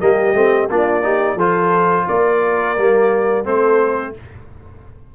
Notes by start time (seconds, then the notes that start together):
0.00 G3 A#3 G4 D#5
0.34 A3 C4
0.70 A#3 D4 F4 D5
1.03 D#4 G4
1.36 F3 F4 A4 C5
2.08 A#3 A#4 D5
2.78 G3 A#3
3.44 A3 C4 A4 C5